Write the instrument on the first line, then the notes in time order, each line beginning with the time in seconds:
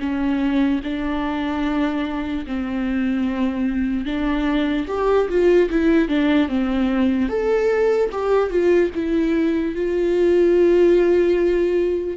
viola
0.00 C#4
0.84 D4
2.47 C4
4.05 D4
4.88 G4
5.29 F4
5.70 E4
6.08 D4
6.48 C4
7.29 A4
8.12 G4
8.50 F4
8.95 E4
9.75 F4